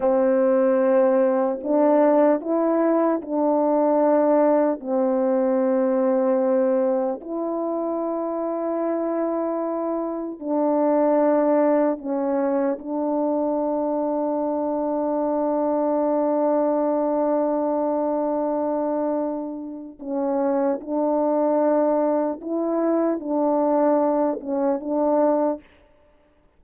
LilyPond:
\new Staff \with { instrumentName = "horn" } { \time 4/4 \tempo 4 = 75 c'2 d'4 e'4 | d'2 c'2~ | c'4 e'2.~ | e'4 d'2 cis'4 |
d'1~ | d'1~ | d'4 cis'4 d'2 | e'4 d'4. cis'8 d'4 | }